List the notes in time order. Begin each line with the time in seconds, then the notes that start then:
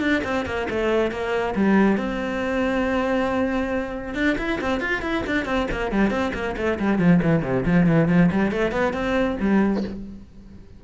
0.00 D4
0.24 C4
0.45 A#3
0.70 A3
1.11 A#3
1.55 G3
1.97 C4
4.14 D4
4.38 E4
4.61 C4
4.80 F4
5.02 E4
5.26 D4
5.45 C4
5.71 A#3
5.91 G3
6.10 C4
6.34 A#3
6.57 A3
6.79 G3
6.99 F3
7.22 E3
7.42 C3
7.65 F3
7.86 E3
8.08 F3
8.31 G3
8.51 A3
8.72 B3
8.93 C4
9.40 G3